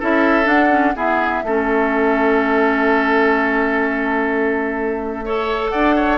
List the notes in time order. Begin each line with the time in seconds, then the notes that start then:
0.00 C#4 E4 A4 E5
0.44 D4 F#5
0.70 C#4
0.95 B3 E4 G#4 E5
1.44 A3 C#4 A4
5.26 A4 C#5
5.69 D4 D5 F#5
5.96 C#5